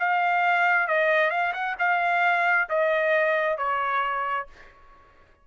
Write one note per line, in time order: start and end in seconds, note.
0.00 0.88 F5
0.88 1.31 D#5
1.31 1.53 F5
1.53 1.76 F#5
1.79 2.69 F5
2.70 3.58 D#5
3.58 4.47 C#5